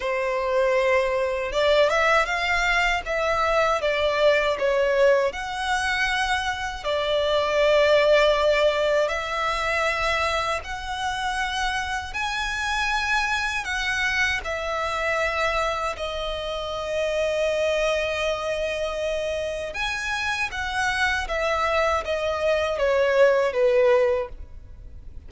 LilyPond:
\new Staff \with { instrumentName = "violin" } { \time 4/4 \tempo 4 = 79 c''2 d''8 e''8 f''4 | e''4 d''4 cis''4 fis''4~ | fis''4 d''2. | e''2 fis''2 |
gis''2 fis''4 e''4~ | e''4 dis''2.~ | dis''2 gis''4 fis''4 | e''4 dis''4 cis''4 b'4 | }